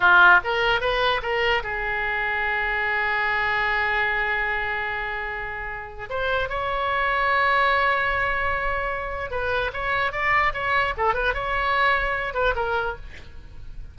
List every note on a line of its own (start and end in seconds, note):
0.00 0.40 F4
0.43 0.80 A#4
0.80 1.21 B4
1.22 1.63 A#4
1.63 6.09 G#4
6.09 6.49 C5
6.49 9.30 C#5
9.30 9.71 B4
9.73 10.12 C#5
10.12 10.52 D5
10.53 10.94 C#5
10.97 11.14 A4
11.14 11.34 B4
11.34 12.34 C#5
12.34 12.54 B4
12.55 12.96 A#4